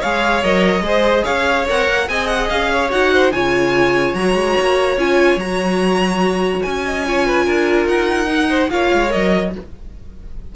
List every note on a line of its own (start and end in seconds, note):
0.00 0.44 G#3
0.00 0.44 G#4
0.00 0.83 C#5
0.00 0.43 F5
0.43 0.81 F#3
0.43 0.84 A#4
0.43 1.24 D#5
0.81 1.22 G#3
0.81 1.66 G#4
0.81 1.24 C5
1.24 1.69 C#4
1.24 2.06 C#5
1.24 1.66 F5
1.68 1.89 C4
1.68 2.08 A#4
1.68 2.09 F#5
1.89 2.09 A#3
2.08 2.50 C4
2.08 2.90 G#4
2.08 2.72 D#5
2.08 2.27 G#5
2.27 2.48 F#5
2.49 2.92 C#4
2.49 2.91 F5
2.72 3.14 C#5
2.90 3.32 D#4
2.90 3.31 F#4
2.90 3.32 F#5
3.14 3.34 C5
3.32 4.14 C#3
3.32 4.16 F4
3.32 6.84 C#5
3.32 4.15 G#5
4.14 4.34 F#3
4.14 4.98 F#4
4.14 4.98 A#5
4.34 4.55 G#3
4.61 4.97 A#3
4.97 5.36 C#4
4.97 5.39 F4
4.97 5.39 G#5
5.36 6.61 F#3
5.36 7.06 F#4
5.36 6.62 A#5
6.62 7.47 C#4
6.62 7.87 G#5
6.84 7.05 D#5
7.06 8.26 F4
7.06 7.27 C#5
7.27 7.45 B4
7.45 7.86 D4
7.45 8.49 A#4
7.86 8.69 D#4
7.86 8.70 F#5
8.26 8.68 D#4
8.49 8.70 C5
8.70 8.91 A#3
8.70 9.09 F4
8.70 9.55 C#5
8.70 9.11 F5
8.94 9.14 G#3
9.09 9.56 F#3
9.09 9.50 A#4
9.09 9.53 D#5